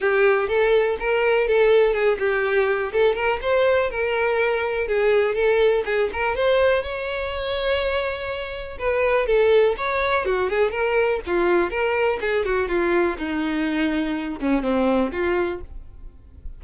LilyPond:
\new Staff \with { instrumentName = "violin" } { \time 4/4 \tempo 4 = 123 g'4 a'4 ais'4 a'4 | gis'8 g'4. a'8 ais'8 c''4 | ais'2 gis'4 a'4 | gis'8 ais'8 c''4 cis''2~ |
cis''2 b'4 a'4 | cis''4 fis'8 gis'8 ais'4 f'4 | ais'4 gis'8 fis'8 f'4 dis'4~ | dis'4. cis'8 c'4 f'4 | }